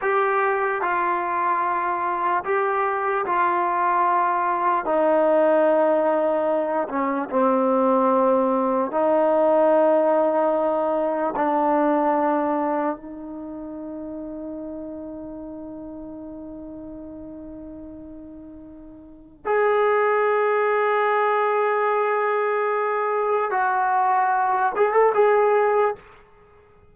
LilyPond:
\new Staff \with { instrumentName = "trombone" } { \time 4/4 \tempo 4 = 74 g'4 f'2 g'4 | f'2 dis'2~ | dis'8 cis'8 c'2 dis'4~ | dis'2 d'2 |
dis'1~ | dis'1 | gis'1~ | gis'4 fis'4. gis'16 a'16 gis'4 | }